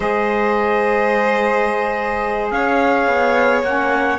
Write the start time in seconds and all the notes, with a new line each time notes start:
0.00 G#3 G#4 C5 D#5
2.50 C#4 C#5 F5
3.07 B3
3.62 A#3 C#4 F#5